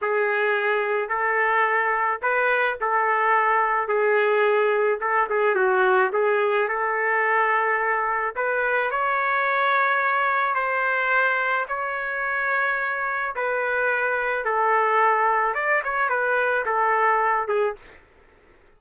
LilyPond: \new Staff \with { instrumentName = "trumpet" } { \time 4/4 \tempo 4 = 108 gis'2 a'2 | b'4 a'2 gis'4~ | gis'4 a'8 gis'8 fis'4 gis'4 | a'2. b'4 |
cis''2. c''4~ | c''4 cis''2. | b'2 a'2 | d''8 cis''8 b'4 a'4. gis'8 | }